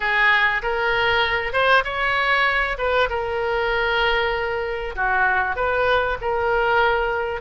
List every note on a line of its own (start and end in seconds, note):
0.00 0.62 G#4
0.62 1.52 A#4
1.52 1.83 C5
1.84 2.77 C#5
2.78 3.08 B4
3.09 4.95 A#4
4.95 5.55 F#4
5.55 6.17 B4
6.21 7.41 A#4